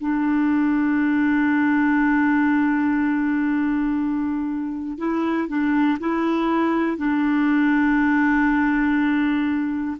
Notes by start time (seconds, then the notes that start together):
0.00 D4
4.98 E4
5.48 D4
6.00 E4
6.97 D4